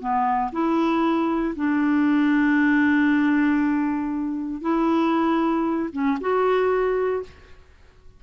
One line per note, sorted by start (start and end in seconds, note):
0.00 0.51 B3
0.52 1.55 E4
1.56 4.62 D4
4.62 5.90 E4
5.93 6.19 C#4
6.21 7.23 F#4